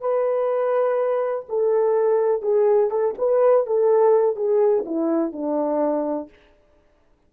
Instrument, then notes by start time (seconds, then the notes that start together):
horn
0.00 B4
1.49 A4
2.42 G#4
2.90 A4
3.18 B4
3.66 A4
4.36 G#4
4.85 E4
5.32 D4